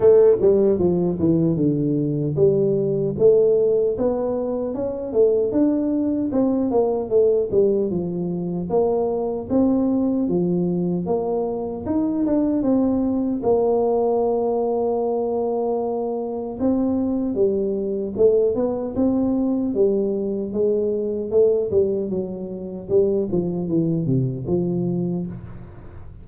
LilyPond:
\new Staff \with { instrumentName = "tuba" } { \time 4/4 \tempo 4 = 76 a8 g8 f8 e8 d4 g4 | a4 b4 cis'8 a8 d'4 | c'8 ais8 a8 g8 f4 ais4 | c'4 f4 ais4 dis'8 d'8 |
c'4 ais2.~ | ais4 c'4 g4 a8 b8 | c'4 g4 gis4 a8 g8 | fis4 g8 f8 e8 c8 f4 | }